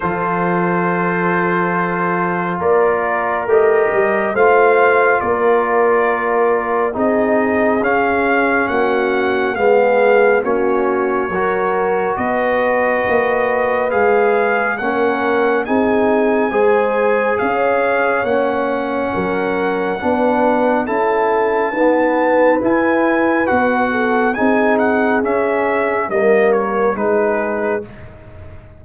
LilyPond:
<<
  \new Staff \with { instrumentName = "trumpet" } { \time 4/4 \tempo 4 = 69 c''2. d''4 | dis''4 f''4 d''2 | dis''4 f''4 fis''4 f''4 | cis''2 dis''2 |
f''4 fis''4 gis''2 | f''4 fis''2. | a''2 gis''4 fis''4 | gis''8 fis''8 e''4 dis''8 cis''8 b'4 | }
  \new Staff \with { instrumentName = "horn" } { \time 4/4 a'2. ais'4~ | ais'4 c''4 ais'2 | gis'2 fis'4 gis'4 | fis'4 ais'4 b'2~ |
b'4 ais'4 gis'4 c''4 | cis''2 ais'4 b'4 | a'4 b'2~ b'8 a'8 | gis'2 ais'4 gis'4 | }
  \new Staff \with { instrumentName = "trombone" } { \time 4/4 f'1 | g'4 f'2. | dis'4 cis'2 b4 | cis'4 fis'2. |
gis'4 cis'4 dis'4 gis'4~ | gis'4 cis'2 d'4 | e'4 b4 e'4 fis'4 | dis'4 cis'4 ais4 dis'4 | }
  \new Staff \with { instrumentName = "tuba" } { \time 4/4 f2. ais4 | a8 g8 a4 ais2 | c'4 cis'4 ais4 gis4 | ais4 fis4 b4 ais4 |
gis4 ais4 c'4 gis4 | cis'4 ais4 fis4 b4 | cis'4 dis'4 e'4 b4 | c'4 cis'4 g4 gis4 | }
>>